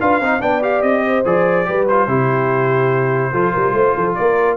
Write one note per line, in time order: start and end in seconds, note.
0.00 0.20 D4
0.00 0.21 F4
0.00 0.20 B4
0.00 0.41 F5
0.20 0.41 C4
0.20 0.41 D#4
0.20 0.41 C5
0.41 0.82 B3
0.41 0.61 D4
0.41 1.04 D5
0.41 0.62 G5
0.61 1.24 G4
0.61 0.81 F5
0.81 1.23 C4
0.81 1.23 D#5
1.07 1.67 C5
1.25 1.67 F3
1.25 1.65 G#4
1.25 1.87 D5
1.65 2.07 G3
1.65 1.86 G4
1.65 2.07 B4
1.87 2.08 F4
1.87 4.14 C5
2.07 3.32 C3
2.07 3.33 E4
2.07 3.32 G4
3.32 3.53 F3
3.32 4.56 F4
3.32 3.52 A4
3.52 3.73 G3
3.52 3.73 A#4
3.73 3.94 A3
3.73 3.95 C5
3.96 4.17 F3
3.96 4.16 A4
4.14 4.56 A#3
4.14 4.56 A#4
4.14 4.56 D5